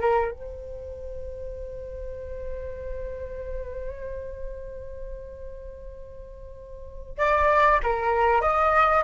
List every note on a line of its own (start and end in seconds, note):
0.00 0.31 A#4
0.32 7.18 C5
7.18 7.81 D5
7.83 8.41 A#4
8.41 9.04 D#5